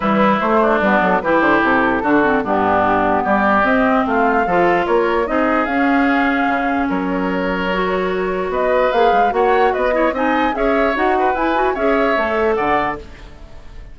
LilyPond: <<
  \new Staff \with { instrumentName = "flute" } { \time 4/4 \tempo 4 = 148 b'4 c''4 b'8 a'8 b'8 c''8 | a'2 g'2 | d''4 dis''4 f''2 | cis''4 dis''4 f''2~ |
f''4 cis''2.~ | cis''4 dis''4 f''4 fis''4 | dis''4 gis''4 e''4 fis''4 | gis''4 e''2 fis''4 | }
  \new Staff \with { instrumentName = "oboe" } { \time 4/4 e'4. d'4. g'4~ | g'4 fis'4 d'2 | g'2 f'4 a'4 | ais'4 gis'2.~ |
gis'4 ais'2.~ | ais'4 b'2 cis''4 | b'8 cis''8 dis''4 cis''4. b'8~ | b'4 cis''2 d''4 | }
  \new Staff \with { instrumentName = "clarinet" } { \time 4/4 g4 a4 b4 e'4~ | e'4 d'8 c'8 b2~ | b4 c'2 f'4~ | f'4 dis'4 cis'2~ |
cis'2. fis'4~ | fis'2 gis'4 fis'4~ | fis'8 e'8 dis'4 gis'4 fis'4 | e'8 fis'8 gis'4 a'2 | }
  \new Staff \with { instrumentName = "bassoon" } { \time 4/4 e4 a4 g8 fis8 e8 d8 | c4 d4 g,2 | g4 c'4 a4 f4 | ais4 c'4 cis'2 |
cis4 fis2.~ | fis4 b4 ais8 gis8 ais4 | b4 c'4 cis'4 dis'4 | e'4 cis'4 a4 d4 | }
>>